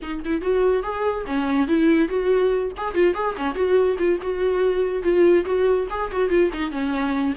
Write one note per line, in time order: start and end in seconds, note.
0.02 0.23 D#4
0.24 0.41 E4
0.41 0.82 F#4
0.82 1.24 G#4
1.26 1.67 C#4
1.67 2.08 E4
2.08 2.71 F#4
2.77 2.94 G#4
2.94 3.14 F4
3.14 3.35 G#4
3.36 3.55 C#4
3.55 3.97 F#4
3.98 4.19 F4
4.21 5.03 F#4
5.03 5.45 F4
5.45 5.87 F#4
5.90 6.11 G#4
6.11 6.29 F#4
6.29 6.50 F4
6.53 6.71 D#4
6.71 7.34 C#4